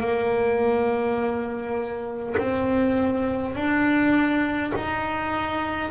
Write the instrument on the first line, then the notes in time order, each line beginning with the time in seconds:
double bass
0.00 A#3
2.37 C4
3.55 D4
4.75 D#4